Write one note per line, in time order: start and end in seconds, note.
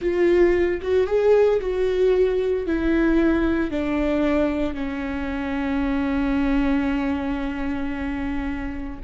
0.01 0.80 F4
0.81 1.06 F#4
1.06 1.60 G#4
1.60 2.66 F#4
2.66 3.70 E4
3.70 4.74 D4
4.74 8.99 C#4